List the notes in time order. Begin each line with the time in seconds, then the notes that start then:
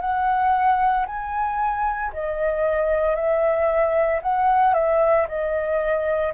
0.00 F#5
1.06 G#5
2.13 D#5
3.15 E5
4.22 F#5
4.74 E5
5.28 D#5